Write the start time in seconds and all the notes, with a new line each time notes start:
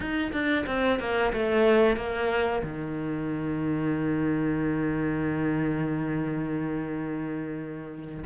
0.00 D#4
0.32 D4
0.66 C4
0.99 A#3
1.32 A3
1.96 A#3
2.63 D#3